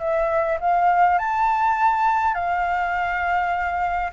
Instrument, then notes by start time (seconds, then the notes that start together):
flute
0.00 E5
0.61 F5
1.19 A5
2.35 F5